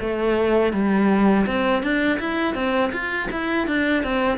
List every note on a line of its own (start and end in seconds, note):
0.00 0.73 A3
0.73 1.46 G3
1.46 1.83 C4
1.83 2.19 D4
2.20 2.54 E4
2.54 2.91 C4
2.92 3.29 F4
3.32 3.67 E4
3.67 4.03 D4
4.03 4.38 C4